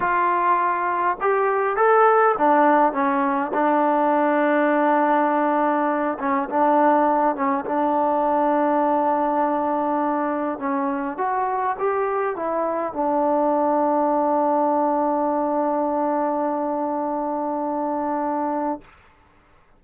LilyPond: \new Staff \with { instrumentName = "trombone" } { \time 4/4 \tempo 4 = 102 f'2 g'4 a'4 | d'4 cis'4 d'2~ | d'2~ d'8 cis'8 d'4~ | d'8 cis'8 d'2.~ |
d'2 cis'4 fis'4 | g'4 e'4 d'2~ | d'1~ | d'1 | }